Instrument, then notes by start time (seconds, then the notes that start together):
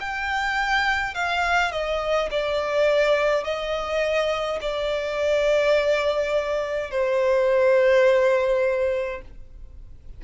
violin
0.00 G5
1.14 F5
1.72 D#5
2.30 D5
3.44 D#5
4.61 D5
6.91 C5